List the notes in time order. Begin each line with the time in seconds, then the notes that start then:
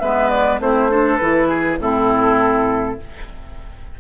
0.00 G#3 B3 B4 E5
0.29 D5
0.60 A3 C4 E4 C5
0.90 D4 A4
1.17 E3 E4 B4
1.48 G#4
1.79 A2 C4 E4 A4